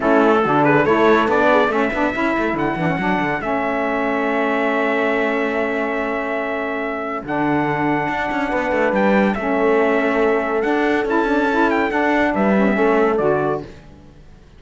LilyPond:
<<
  \new Staff \with { instrumentName = "trumpet" } { \time 4/4 \tempo 4 = 141 a'4. b'8 cis''4 d''4 | e''2 fis''2 | e''1~ | e''1~ |
e''4 fis''2.~ | fis''4 g''4 e''2~ | e''4 fis''4 a''4. g''8 | fis''4 e''2 d''4 | }
  \new Staff \with { instrumentName = "horn" } { \time 4/4 e'4 fis'8 gis'8 a'4. gis'8 | a'1~ | a'1~ | a'1~ |
a'1 | b'2 a'2~ | a'1~ | a'4 b'4 a'2 | }
  \new Staff \with { instrumentName = "saxophone" } { \time 4/4 cis'4 d'4 e'4 d'4 | cis'8 d'8 e'4. d'16 cis'16 d'4 | cis'1~ | cis'1~ |
cis'4 d'2.~ | d'2 cis'2~ | cis'4 d'4 e'8 d'8 e'4 | d'4. cis'16 b16 cis'4 fis'4 | }
  \new Staff \with { instrumentName = "cello" } { \time 4/4 a4 d4 a4 b4 | a8 b8 cis'8 a8 d8 e8 fis8 d8 | a1~ | a1~ |
a4 d2 d'8 cis'8 | b8 a8 g4 a2~ | a4 d'4 cis'2 | d'4 g4 a4 d4 | }
>>